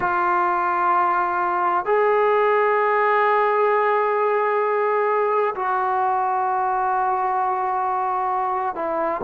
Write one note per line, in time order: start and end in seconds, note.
0.00 1.85 F4
1.85 5.54 G#4
5.55 8.75 F#4
8.75 9.21 E4